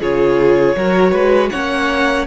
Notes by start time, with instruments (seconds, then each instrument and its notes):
0.00 cello C#3, viola F4, violin G#4 C#5
0.76 cello F#3, viola F#4, violin A#4
1.12 cello G#3, violin B4
1.49 viola C#4, violin C#5 F#5
1.55 cello A#3